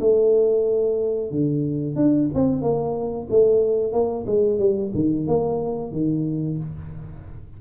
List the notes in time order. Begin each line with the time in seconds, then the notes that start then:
0.00 A3
1.31 D3
1.95 D4
2.34 C4
2.61 A#3
3.30 A3
3.92 A#3
4.26 G#3
4.59 G3
4.94 D#3
5.27 A#3
5.92 D#3